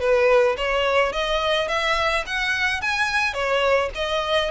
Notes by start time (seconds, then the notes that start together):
0.00 B4
0.57 C#5
1.13 D#5
1.68 E5
2.26 F#5
2.81 G#5
3.34 C#5
3.95 D#5